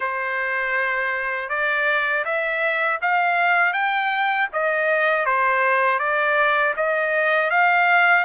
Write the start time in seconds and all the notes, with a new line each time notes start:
0.00 C5
1.49 D5
2.24 E5
3.01 F5
3.73 G5
4.52 D#5
5.25 C5
5.99 D5
6.76 D#5
7.50 F5